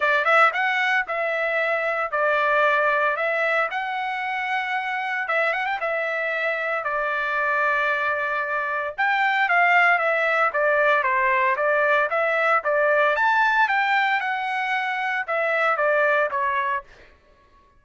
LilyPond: \new Staff \with { instrumentName = "trumpet" } { \time 4/4 \tempo 4 = 114 d''8 e''8 fis''4 e''2 | d''2 e''4 fis''4~ | fis''2 e''8 fis''16 g''16 e''4~ | e''4 d''2.~ |
d''4 g''4 f''4 e''4 | d''4 c''4 d''4 e''4 | d''4 a''4 g''4 fis''4~ | fis''4 e''4 d''4 cis''4 | }